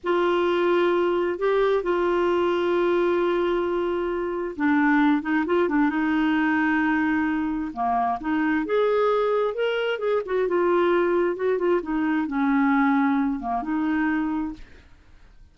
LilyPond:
\new Staff \with { instrumentName = "clarinet" } { \time 4/4 \tempo 4 = 132 f'2. g'4 | f'1~ | f'2 d'4. dis'8 | f'8 d'8 dis'2.~ |
dis'4 ais4 dis'4 gis'4~ | gis'4 ais'4 gis'8 fis'8 f'4~ | f'4 fis'8 f'8 dis'4 cis'4~ | cis'4. ais8 dis'2 | }